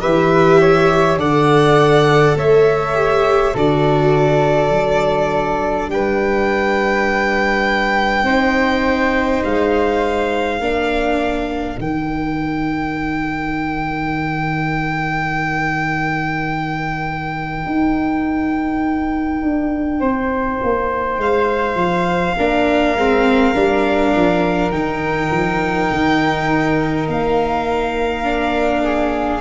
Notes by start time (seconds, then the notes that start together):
0.00 E3 G4 B4 E5
0.60 C#5
1.16 D3 A4 D5 F#5
2.36 A3 C#5 E5
2.94 G4
3.54 D3 F#4 A4 D5
4.70 F#3 D4
5.87 G3 B4 G5
8.23 C4 D#4 C5
9.44 G#3 F5
10.59 A#3 D4 A#4
11.78 D#3 D#4 G5
17.66 D#4
19.42 D4
20.00 C4 C5
20.63 A#3
21.17 G#3 F5
21.75 F3
22.37 A#3 D4 A#4
22.95 G#3 C4
23.54 G3 D4
24.15 F3
24.71 D#3 D#4 G5
25.31 F3
25.91 D#3
27.08 A#3 F5
28.23 D4
28.83 G#4